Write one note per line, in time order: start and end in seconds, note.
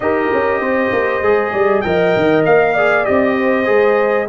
0.00 0.29 D#4
0.00 1.23 G4
0.00 0.61 A#4
0.00 1.81 D#5
0.32 0.60 C#4
0.60 0.90 C4
0.60 1.52 C5
0.91 1.22 A#3
1.22 1.52 G#3
1.22 1.84 G#4
1.52 1.83 G3
1.52 1.83 D5
1.81 2.15 F3
1.81 2.76 A#4
1.81 2.73 D#5
1.81 2.42 G5
2.16 2.45 D#3
2.45 3.06 A#3
2.45 3.05 F5
2.73 3.04 G#4
2.73 3.35 D5
3.04 3.68 C4
3.04 3.65 G4
3.04 4.27 D#5
3.36 4.28 C5
3.65 4.29 G#3
3.65 4.26 G#4